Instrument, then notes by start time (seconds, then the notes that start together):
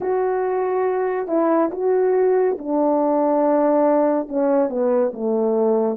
horn
0.00 F#4
1.27 E4
1.71 F#4
2.58 D4
4.28 C#4
4.69 B3
5.13 A3